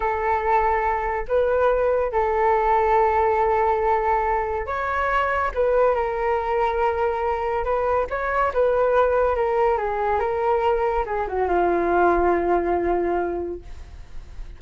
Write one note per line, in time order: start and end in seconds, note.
0.00 1.25 A4
1.27 2.12 B4
2.12 4.66 A4
4.66 5.51 C#5
5.54 5.94 B4
5.94 7.64 A#4
7.64 8.07 B4
8.09 8.52 C#5
8.53 9.35 B4
9.35 9.77 A#4
9.77 10.19 G#4
10.19 11.04 A#4
11.05 11.26 G#4
11.27 11.48 F#4
11.48 13.60 F4